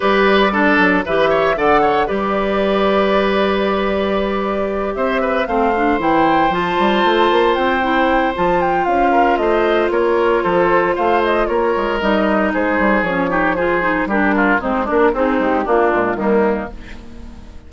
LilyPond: <<
  \new Staff \with { instrumentName = "flute" } { \time 4/4 \tempo 4 = 115 d''2 e''4 fis''4 | d''1~ | d''4. e''4 f''4 g''8~ | g''8 a''2 g''4. |
a''8 g''8 f''4 dis''4 cis''4 | c''4 f''8 dis''8 cis''4 dis''4 | c''4 cis''4 c''4 ais'4 | c''8 ais'8 gis'8 g'8 f'4 dis'4 | }
  \new Staff \with { instrumentName = "oboe" } { \time 4/4 b'4 a'4 b'8 cis''8 d''8 cis''8 | b'1~ | b'4. c''8 b'8 c''4.~ | c''1~ |
c''4. ais'8 c''4 ais'4 | a'4 c''4 ais'2 | gis'4. g'8 gis'4 g'8 f'8 | dis'8 d'8 c'4 d'4 ais4 | }
  \new Staff \with { instrumentName = "clarinet" } { \time 4/4 g'4 d'4 g'4 a'4 | g'1~ | g'2~ g'8 c'8 d'8 e'8~ | e'8 f'2~ f'8 e'4 |
f'1~ | f'2. dis'4~ | dis'4 cis'8 dis'8 f'8 dis'8 d'4 | c'8 d'8 dis'4 ais8 gis8 g4 | }
  \new Staff \with { instrumentName = "bassoon" } { \time 4/4 g4. fis8 e4 d4 | g1~ | g4. c'4 a4 e8~ | e8 f8 g8 a8 ais8 c'4. |
f4 cis'4 a4 ais4 | f4 a4 ais8 gis8 g4 | gis8 g8 f2 g4 | gis8 ais8 c'8 gis8 ais8 ais,8 dis4 | }
>>